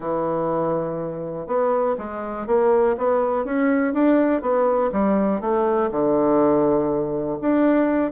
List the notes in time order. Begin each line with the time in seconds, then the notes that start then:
0.00 E3
1.46 B3
1.98 G#3
2.46 A#3
2.97 B3
3.44 C#4
3.93 D4
4.41 B3
4.92 G3
5.41 A3
5.91 D3
7.41 D4